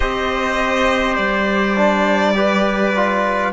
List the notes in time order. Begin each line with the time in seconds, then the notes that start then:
0.00 C4 G4 C5 D#5
1.15 G3 D5
1.76 D4
2.34 G4 B4
2.96 F4